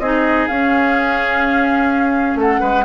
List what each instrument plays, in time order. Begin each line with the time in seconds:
0.00 bassoon C4, clarinet D#4, oboe G#4, flute D#5
0.48 bassoon C#4, clarinet C#4, flute F5
2.36 bassoon A3, oboe A4, flute F#5
2.61 bassoon G#3, oboe B4